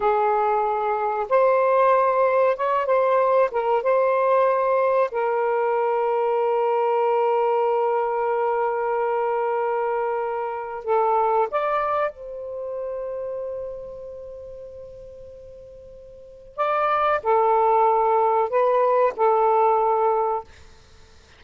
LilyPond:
\new Staff \with { instrumentName = "saxophone" } { \time 4/4 \tempo 4 = 94 gis'2 c''2 | cis''8 c''4 ais'8 c''2 | ais'1~ | ais'1~ |
ais'4 a'4 d''4 c''4~ | c''1~ | c''2 d''4 a'4~ | a'4 b'4 a'2 | }